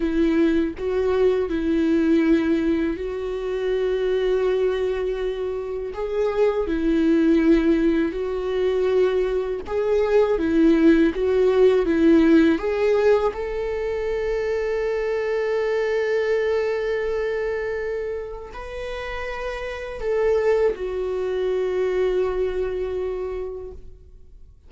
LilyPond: \new Staff \with { instrumentName = "viola" } { \time 4/4 \tempo 4 = 81 e'4 fis'4 e'2 | fis'1 | gis'4 e'2 fis'4~ | fis'4 gis'4 e'4 fis'4 |
e'4 gis'4 a'2~ | a'1~ | a'4 b'2 a'4 | fis'1 | }